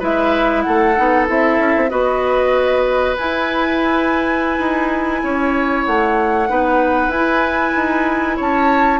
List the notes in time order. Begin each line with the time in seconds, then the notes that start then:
0.00 G#3 E4 B4 E5
0.62 A3 A4 F#5
0.96 B3 D#4
1.28 C4 E4 E5
1.59 C#4
1.76 C4
1.90 B3 F#4 B4 D#5
3.18 E4 G#5
4.59 D#4
5.23 C#4 C#5
5.86 A3 F#5
6.49 B3 D#4 B4
7.08 E4 G#5
7.16 E4
7.76 D#4
8.37 C#4 C#5 A5